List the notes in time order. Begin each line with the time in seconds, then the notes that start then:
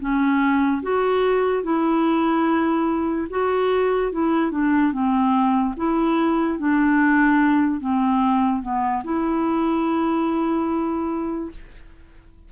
0.00 C#4
0.83 F#4
1.63 E4
3.30 F#4
4.12 E4
4.51 D4
4.92 C4
5.77 E4
6.59 D4
7.80 C4
8.62 B3
9.04 E4